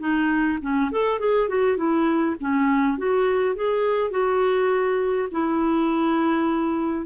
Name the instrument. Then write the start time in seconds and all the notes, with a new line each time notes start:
clarinet
0.00 D#4
0.62 C#4
0.92 A4
1.20 G#4
1.49 F#4
1.77 E4
2.40 C#4
2.98 F#4
3.56 G#4
4.11 F#4
5.32 E4